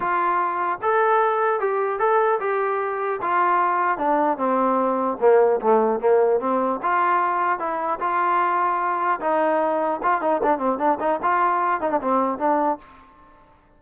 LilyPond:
\new Staff \with { instrumentName = "trombone" } { \time 4/4 \tempo 4 = 150 f'2 a'2 | g'4 a'4 g'2 | f'2 d'4 c'4~ | c'4 ais4 a4 ais4 |
c'4 f'2 e'4 | f'2. dis'4~ | dis'4 f'8 dis'8 d'8 c'8 d'8 dis'8 | f'4. dis'16 d'16 c'4 d'4 | }